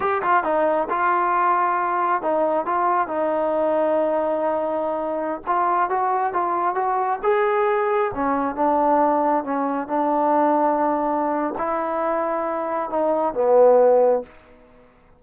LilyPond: \new Staff \with { instrumentName = "trombone" } { \time 4/4 \tempo 4 = 135 g'8 f'8 dis'4 f'2~ | f'4 dis'4 f'4 dis'4~ | dis'1~ | dis'16 f'4 fis'4 f'4 fis'8.~ |
fis'16 gis'2 cis'4 d'8.~ | d'4~ d'16 cis'4 d'4.~ d'16~ | d'2 e'2~ | e'4 dis'4 b2 | }